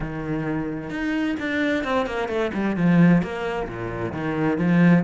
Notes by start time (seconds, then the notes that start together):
0.00 D#3
0.90 D#4
1.39 D4
1.83 C4
2.06 A#3
2.28 A3
2.53 G3
2.76 F3
3.22 A#3
3.68 A#2
4.12 D#3
4.58 F3